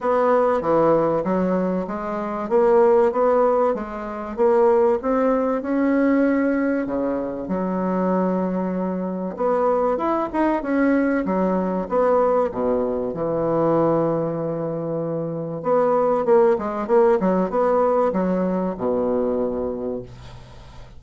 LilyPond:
\new Staff \with { instrumentName = "bassoon" } { \time 4/4 \tempo 4 = 96 b4 e4 fis4 gis4 | ais4 b4 gis4 ais4 | c'4 cis'2 cis4 | fis2. b4 |
e'8 dis'8 cis'4 fis4 b4 | b,4 e2.~ | e4 b4 ais8 gis8 ais8 fis8 | b4 fis4 b,2 | }